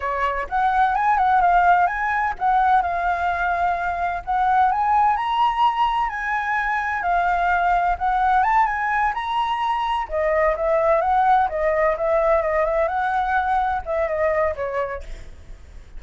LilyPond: \new Staff \with { instrumentName = "flute" } { \time 4/4 \tempo 4 = 128 cis''4 fis''4 gis''8 fis''8 f''4 | gis''4 fis''4 f''2~ | f''4 fis''4 gis''4 ais''4~ | ais''4 gis''2 f''4~ |
f''4 fis''4 a''8 gis''4 ais''8~ | ais''4. dis''4 e''4 fis''8~ | fis''8 dis''4 e''4 dis''8 e''8 fis''8~ | fis''4. e''8 dis''4 cis''4 | }